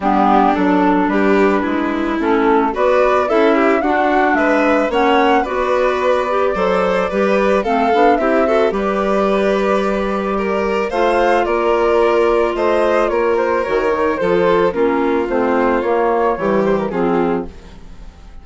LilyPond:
<<
  \new Staff \with { instrumentName = "flute" } { \time 4/4 \tempo 4 = 110 g'4 a'4 b'2 | a'4 d''4 e''4 fis''4 | e''4 fis''4 d''2~ | d''2 f''4 e''4 |
d''1 | f''4 d''2 dis''4 | cis''8 c''8 cis''4 c''4 ais'4 | c''4 cis''4. c''16 ais'16 gis'4 | }
  \new Staff \with { instrumentName = "violin" } { \time 4/4 d'2 g'4 e'4~ | e'4 b'4 a'8 g'8 fis'4 | b'4 cis''4 b'2 | c''4 b'4 a'4 g'8 a'8 |
b'2. ais'4 | c''4 ais'2 c''4 | ais'2 a'4 f'4~ | f'2 g'4 f'4 | }
  \new Staff \with { instrumentName = "clarinet" } { \time 4/4 b4 d'2. | cis'4 fis'4 e'4 d'4~ | d'4 cis'4 fis'4. g'8 | a'4 g'4 c'8 d'8 e'8 fis'8 |
g'1 | f'1~ | f'4 fis'8 dis'8 f'4 cis'4 | c'4 ais4 g4 c'4 | }
  \new Staff \with { instrumentName = "bassoon" } { \time 4/4 g4 fis4 g4 gis4 | a4 b4 cis'4 d'4 | gis4 ais4 b2 | fis4 g4 a8 b8 c'4 |
g1 | a4 ais2 a4 | ais4 dis4 f4 ais4 | a4 ais4 e4 f4 | }
>>